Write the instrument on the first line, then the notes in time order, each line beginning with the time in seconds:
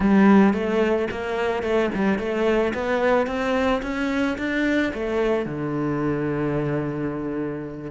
cello
0.00 G3
0.53 A3
1.11 A#3
1.62 A3
1.94 G3
2.18 A3
2.74 B3
3.27 C4
3.82 C#4
4.38 D4
4.93 A3
5.45 D3